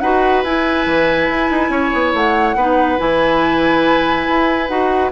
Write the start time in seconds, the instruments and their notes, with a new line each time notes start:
0.00 bassoon D#4, clarinet F#4, oboe B4, flute F#5
0.44 bassoon E4, clarinet E4, flute G#5
0.86 bassoon E3
1.29 bassoon E4
1.51 bassoon D#4
1.69 bassoon C#4, oboe C#5
1.94 bassoon B3
2.14 bassoon A3, flute F#5
2.56 bassoon B3, clarinet D#4, oboe B4
2.98 bassoon E3, clarinet E4, flute G#5
4.29 bassoon E4
4.68 bassoon D#4, clarinet F#4, flute F#5